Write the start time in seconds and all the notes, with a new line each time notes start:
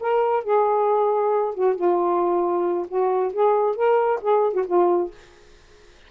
0.00 A#4
0.44 G#4
1.54 F#4
1.75 F4
2.88 F#4
3.33 G#4
3.75 A#4
4.21 G#4
4.53 F#4
4.66 F4